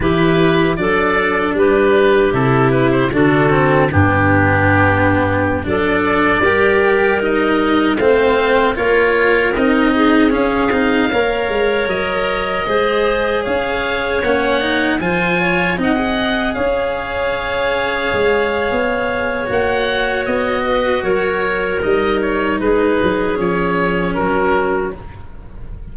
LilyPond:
<<
  \new Staff \with { instrumentName = "oboe" } { \time 4/4 \tempo 4 = 77 b'4 d''4 b'4 a'8 b'16 c''16 | a'4 g'2~ g'16 d''8.~ | d''4~ d''16 dis''4 f''4 cis''8.~ | cis''16 dis''4 f''2 dis''8.~ |
dis''4~ dis''16 f''4 fis''4 gis''8.~ | gis''16 fis''4 f''2~ f''8.~ | f''4 fis''4 dis''4 cis''4 | dis''8 cis''8 b'4 cis''4 ais'4 | }
  \new Staff \with { instrumentName = "clarinet" } { \time 4/4 g'4 a'4 g'2 | fis'4 d'2~ d'16 a'8.~ | a'16 ais'2 c''4 ais'8.~ | ais'8. gis'4. cis''4.~ cis''16~ |
cis''16 c''4 cis''2 c''8 cis''16~ | cis''16 dis''4 cis''2~ cis''8.~ | cis''2~ cis''8 b'8 ais'4~ | ais'4 gis'2 fis'4 | }
  \new Staff \with { instrumentName = "cello" } { \time 4/4 e'4 d'2 e'4 | d'8 c'8 b2~ b16 d'8.~ | d'16 g'4 dis'4 c'4 f'8.~ | f'16 dis'4 cis'8 dis'8 ais'4.~ ais'16~ |
ais'16 gis'2 cis'8 dis'8 f'8.~ | f'16 dis'16 gis'2.~ gis'8~ | gis'4 fis'2. | dis'2 cis'2 | }
  \new Staff \with { instrumentName = "tuba" } { \time 4/4 e4 fis4 g4 c4 | d4 g,2~ g,16 fis8.~ | fis16 g2 a4 ais8.~ | ais16 c'4 cis'8 c'8 ais8 gis8 fis8.~ |
fis16 gis4 cis'4 ais4 f8.~ | f16 c'4 cis'2 gis8. | b4 ais4 b4 fis4 | g4 gis8 fis8 f4 fis4 | }
>>